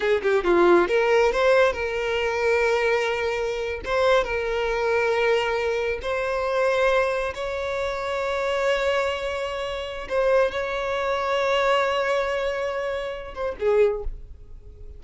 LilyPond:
\new Staff \with { instrumentName = "violin" } { \time 4/4 \tempo 4 = 137 gis'8 g'8 f'4 ais'4 c''4 | ais'1~ | ais'8. c''4 ais'2~ ais'16~ | ais'4.~ ais'16 c''2~ c''16~ |
c''8. cis''2.~ cis''16~ | cis''2. c''4 | cis''1~ | cis''2~ cis''8 c''8 gis'4 | }